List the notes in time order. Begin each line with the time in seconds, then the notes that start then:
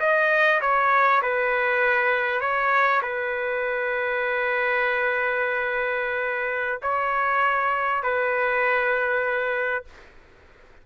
0.00 D#5
0.61 C#5
1.22 B4
2.41 C#5
3.02 B4
6.82 C#5
8.03 B4